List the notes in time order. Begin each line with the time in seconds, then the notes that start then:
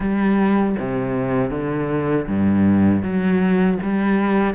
0.00 G3
0.79 C3
1.50 D3
2.27 G2
3.02 F#3
3.82 G3